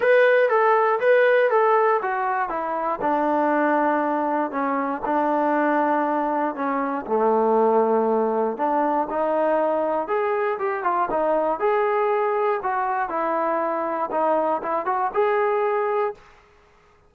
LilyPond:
\new Staff \with { instrumentName = "trombone" } { \time 4/4 \tempo 4 = 119 b'4 a'4 b'4 a'4 | fis'4 e'4 d'2~ | d'4 cis'4 d'2~ | d'4 cis'4 a2~ |
a4 d'4 dis'2 | gis'4 g'8 f'8 dis'4 gis'4~ | gis'4 fis'4 e'2 | dis'4 e'8 fis'8 gis'2 | }